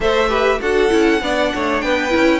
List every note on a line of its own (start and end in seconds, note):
0.00 0.60 A3
0.00 0.28 A4
0.00 0.29 C5
0.00 0.61 E5
0.28 0.59 G4
0.28 0.59 B4
0.61 0.91 D4
0.61 0.89 F#4
0.61 1.22 A4
0.61 1.81 F#5
0.89 1.21 C#4
0.89 1.20 E4
1.21 1.52 B3
1.21 2.09 D4
1.21 1.53 D5
1.53 1.82 A3
1.53 1.84 C#5
1.81 2.13 B3
1.81 2.40 B4
1.81 2.40 G5
2.09 2.40 C#4
2.09 2.39 E4